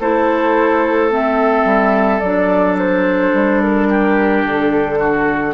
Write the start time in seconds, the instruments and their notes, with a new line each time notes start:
0.00 bassoon A3, clarinet E4, oboe A4, flute C5
1.11 clarinet C4, flute E5
1.65 bassoon G3
2.20 bassoon F#3, clarinet D4, flute D5
2.79 flute C5
3.33 bassoon G3
3.62 flute A#4
3.90 oboe G4
4.44 bassoon D3, flute A4
4.99 oboe F#4